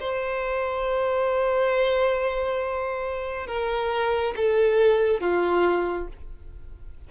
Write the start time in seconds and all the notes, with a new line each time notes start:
0.00 C5
3.47 A#4
4.36 A4
5.21 F4